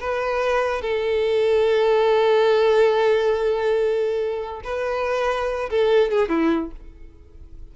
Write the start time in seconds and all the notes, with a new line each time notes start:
0.00 B4
0.81 A4
4.64 B4
5.70 A4
6.11 G#4
6.29 E4